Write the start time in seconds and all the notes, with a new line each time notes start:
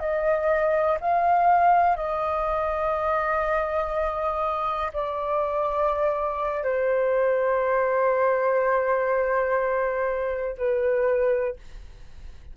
0.00 D#5
1.01 F5
1.97 D#5
4.93 D5
6.64 C5
10.58 B4